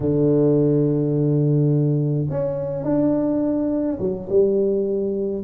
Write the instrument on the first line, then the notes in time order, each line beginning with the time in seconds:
tuba
0.00 D3
2.30 C#4
2.84 D4
3.99 F#3
4.29 G3